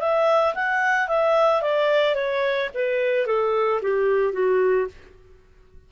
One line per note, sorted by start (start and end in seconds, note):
0.00 0.55 E5
0.55 1.08 F#5
1.08 1.62 E5
1.62 2.15 D5
2.15 2.70 C#5
2.74 3.26 B4
3.26 3.81 A4
3.82 4.33 G4
4.33 4.87 F#4